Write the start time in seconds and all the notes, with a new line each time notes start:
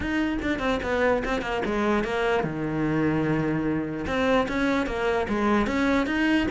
0.00 D#4
0.42 D4
0.59 C4
0.82 B3
1.24 C4
1.41 A#3
1.65 G#3
2.03 A#3
2.43 D#3
4.06 C4
4.48 C#4
4.86 A#3
5.29 G#3
5.66 C#4
6.06 D#4